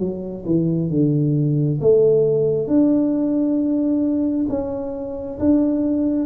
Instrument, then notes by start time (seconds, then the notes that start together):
tuba
0.00 F#3
0.46 E3
0.90 D3
1.81 A3
2.68 D4
4.49 C#4
5.40 D4